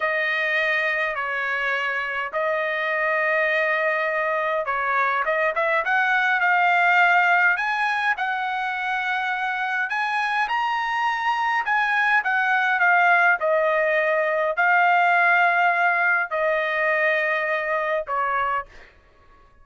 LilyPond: \new Staff \with { instrumentName = "trumpet" } { \time 4/4 \tempo 4 = 103 dis''2 cis''2 | dis''1 | cis''4 dis''8 e''8 fis''4 f''4~ | f''4 gis''4 fis''2~ |
fis''4 gis''4 ais''2 | gis''4 fis''4 f''4 dis''4~ | dis''4 f''2. | dis''2. cis''4 | }